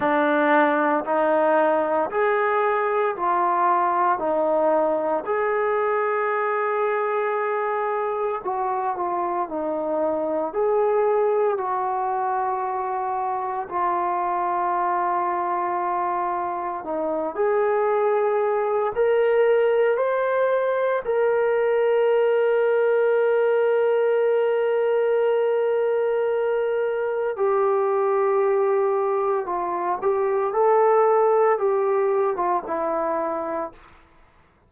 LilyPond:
\new Staff \with { instrumentName = "trombone" } { \time 4/4 \tempo 4 = 57 d'4 dis'4 gis'4 f'4 | dis'4 gis'2. | fis'8 f'8 dis'4 gis'4 fis'4~ | fis'4 f'2. |
dis'8 gis'4. ais'4 c''4 | ais'1~ | ais'2 g'2 | f'8 g'8 a'4 g'8. f'16 e'4 | }